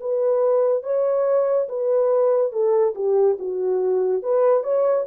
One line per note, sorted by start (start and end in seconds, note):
0.00 0.83 B4
0.83 1.67 C#5
1.68 2.52 B4
2.52 2.94 A4
2.95 3.37 G4
3.39 4.23 F#4
4.23 4.63 B4
4.63 5.05 C#5